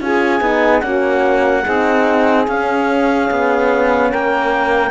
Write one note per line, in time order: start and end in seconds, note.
0.00 0.40 C#4
0.00 0.41 F4
0.00 0.84 G#4
0.00 0.79 G#5
0.40 0.81 B3
0.40 0.82 D#4
0.79 1.65 A#3
0.79 1.64 C#4
0.79 1.63 F#4
0.79 2.44 F#5
1.63 2.47 C4
1.63 2.48 D#4
1.63 4.09 G#4
2.47 3.29 C#4
2.47 4.91 C#4
2.47 4.11 F5
3.30 4.12 B3
4.09 4.91 A#3
4.09 4.91 A#4
4.09 4.91 G5